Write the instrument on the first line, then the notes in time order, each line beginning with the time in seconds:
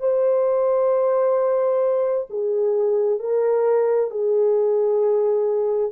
horn
0.00 C5
2.30 G#4
3.20 A#4
4.11 G#4